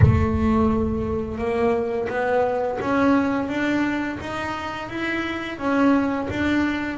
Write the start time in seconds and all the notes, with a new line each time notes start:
0.02 A3
1.38 A#3
2.09 B3
2.80 C#4
3.48 D4
4.20 D#4
4.89 E4
5.58 C#4
6.29 D4